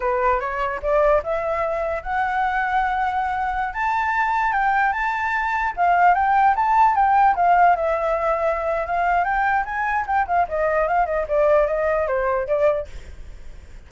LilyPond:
\new Staff \with { instrumentName = "flute" } { \time 4/4 \tempo 4 = 149 b'4 cis''4 d''4 e''4~ | e''4 fis''2.~ | fis''4~ fis''16 a''2 g''8.~ | g''16 a''2 f''4 g''8.~ |
g''16 a''4 g''4 f''4 e''8.~ | e''2 f''4 g''4 | gis''4 g''8 f''8 dis''4 f''8 dis''8 | d''4 dis''4 c''4 d''4 | }